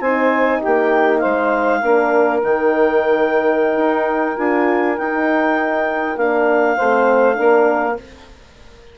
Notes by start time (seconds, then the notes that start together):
0.00 C4 D#4 C5 G#5
0.58 G4 G5
0.66 A#3
1.19 C5 F5
1.25 G#3
1.80 A#3 D4 A#4
2.43 D#3 D#4 G5
3.76 D#4
4.37 D4 F4 G#5
4.98 D#4 G5
6.16 A#3 D4 F5
6.76 A3 C4 C5
7.33 A#3 D4 A#4